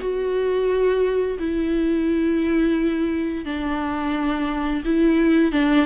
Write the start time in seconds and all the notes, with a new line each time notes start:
0.00 F#4
1.39 E4
3.45 D4
4.85 E4
5.52 D4